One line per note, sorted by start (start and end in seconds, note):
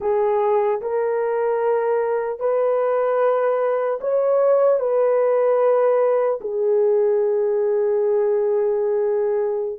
0.00 0.80 G#4
0.81 2.39 A#4
2.39 3.99 B4
4.00 4.79 C#5
4.79 6.39 B4
6.40 9.79 G#4